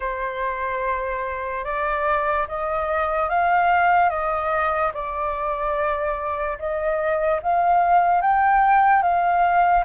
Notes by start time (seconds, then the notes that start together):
0.00 C5
1.64 D5
2.47 D#5
3.29 F5
4.09 D#5
4.93 D5
6.58 D#5
7.42 F5
8.21 G5
9.02 F5